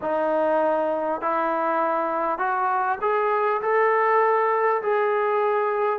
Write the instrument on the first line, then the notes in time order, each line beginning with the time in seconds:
trombone
0.01 D#4
1.21 E4
2.38 F#4
3.01 G#4
3.61 A4
4.82 G#4